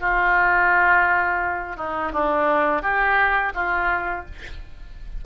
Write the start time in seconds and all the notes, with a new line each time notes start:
0.00 F4
1.76 D#4
2.12 D4
2.82 G4
3.54 F4